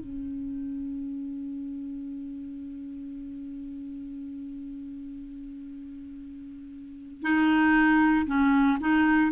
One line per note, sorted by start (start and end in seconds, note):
0.00 7.23 C#4
7.23 8.26 D#4
8.27 8.78 C#4
8.80 9.32 D#4